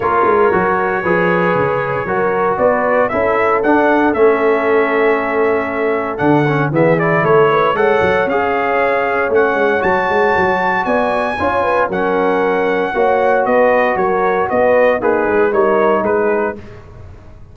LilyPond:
<<
  \new Staff \with { instrumentName = "trumpet" } { \time 4/4 \tempo 4 = 116 cis''1~ | cis''4 d''4 e''4 fis''4 | e''1 | fis''4 e''8 d''8 cis''4 fis''4 |
f''2 fis''4 a''4~ | a''4 gis''2 fis''4~ | fis''2 dis''4 cis''4 | dis''4 b'4 cis''4 b'4 | }
  \new Staff \with { instrumentName = "horn" } { \time 4/4 ais'2 b'2 | ais'4 b'4 a'2~ | a'1~ | a'4 gis'4 a'8 b'8 cis''4~ |
cis''1~ | cis''4 d''4 cis''8 b'8 ais'4~ | ais'4 cis''4 b'4 ais'4 | b'4 dis'4 ais'4 gis'4 | }
  \new Staff \with { instrumentName = "trombone" } { \time 4/4 f'4 fis'4 gis'2 | fis'2 e'4 d'4 | cis'1 | d'8 cis'8 b8 e'4. a'4 |
gis'2 cis'4 fis'4~ | fis'2 f'4 cis'4~ | cis'4 fis'2.~ | fis'4 gis'4 dis'2 | }
  \new Staff \with { instrumentName = "tuba" } { \time 4/4 ais8 gis8 fis4 f4 cis4 | fis4 b4 cis'4 d'4 | a1 | d4 e4 a4 gis8 fis8 |
cis'2 a8 gis8 fis8 gis8 | fis4 b4 cis'4 fis4~ | fis4 ais4 b4 fis4 | b4 ais8 gis8 g4 gis4 | }
>>